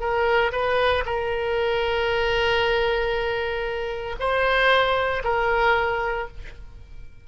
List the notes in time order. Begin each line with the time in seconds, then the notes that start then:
0.00 A#4
0.52 B4
1.06 A#4
4.19 C5
5.24 A#4